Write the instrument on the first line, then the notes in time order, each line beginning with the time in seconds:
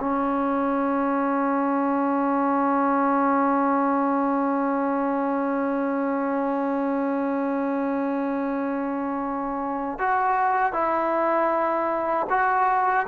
trombone
0.00 C#4
9.99 F#4
10.73 E4
12.30 F#4